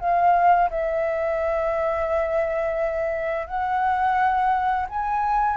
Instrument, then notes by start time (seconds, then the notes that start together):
flute
0.00 F5
0.70 E5
3.47 F#5
4.89 G#5